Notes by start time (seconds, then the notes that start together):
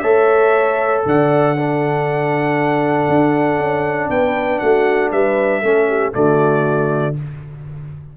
0.00 A3 A4 C#5 E5
1.06 D3 D5 F#5
1.57 D4 A4
3.09 D4
3.59 C#4
4.10 B3 B4 G5
4.59 A3 F#4 F#5
5.12 G3 B4 E5
5.62 A3 C#4 A4
5.88 G4
6.12 D3 A3 F#4 D5